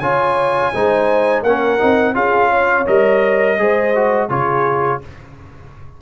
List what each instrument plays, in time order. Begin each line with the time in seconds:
0.00 tuba C#3, trombone F4, horn C#5, trumpet G#5
0.74 tuba G#3, trombone D#4, horn C5
1.43 tuba A#3, trombone C#4, horn A#4, trumpet F#5
1.79 tuba C4, trombone D#4
2.15 tuba C#4, trombone F4, horn G#4, trumpet F5
2.50 horn C#5
2.87 tuba G3, trombone A#4, trumpet D#5
3.59 tuba G#3, trombone G#4, horn C5
3.96 trombone F#4
4.28 tuba C#3, trombone F4, horn G#4, trumpet C#5